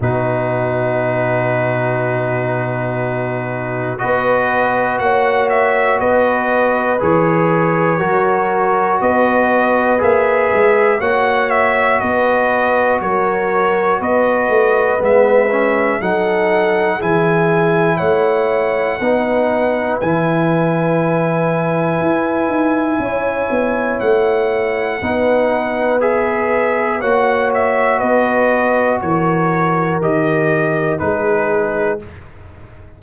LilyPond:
<<
  \new Staff \with { instrumentName = "trumpet" } { \time 4/4 \tempo 4 = 60 b'1 | dis''4 fis''8 e''8 dis''4 cis''4~ | cis''4 dis''4 e''4 fis''8 e''8 | dis''4 cis''4 dis''4 e''4 |
fis''4 gis''4 fis''2 | gis''1 | fis''2 e''4 fis''8 e''8 | dis''4 cis''4 dis''4 b'4 | }
  \new Staff \with { instrumentName = "horn" } { \time 4/4 fis'1 | b'4 cis''4 b'2 | ais'4 b'2 cis''4 | b'4 ais'4 b'2 |
a'4 gis'4 cis''4 b'4~ | b'2. cis''4~ | cis''4 b'2 cis''4 | b'4 ais'2 gis'4 | }
  \new Staff \with { instrumentName = "trombone" } { \time 4/4 dis'1 | fis'2. gis'4 | fis'2 gis'4 fis'4~ | fis'2. b8 cis'8 |
dis'4 e'2 dis'4 | e'1~ | e'4 dis'4 gis'4 fis'4~ | fis'2 g'4 dis'4 | }
  \new Staff \with { instrumentName = "tuba" } { \time 4/4 b,1 | b4 ais4 b4 e4 | fis4 b4 ais8 gis8 ais4 | b4 fis4 b8 a8 gis4 |
fis4 e4 a4 b4 | e2 e'8 dis'8 cis'8 b8 | a4 b2 ais4 | b4 e4 dis4 gis4 | }
>>